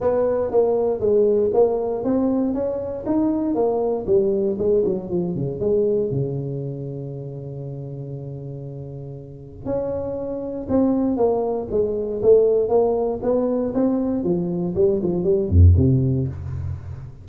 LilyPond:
\new Staff \with { instrumentName = "tuba" } { \time 4/4 \tempo 4 = 118 b4 ais4 gis4 ais4 | c'4 cis'4 dis'4 ais4 | g4 gis8 fis8 f8 cis8 gis4 | cis1~ |
cis2. cis'4~ | cis'4 c'4 ais4 gis4 | a4 ais4 b4 c'4 | f4 g8 f8 g8 f,8 c4 | }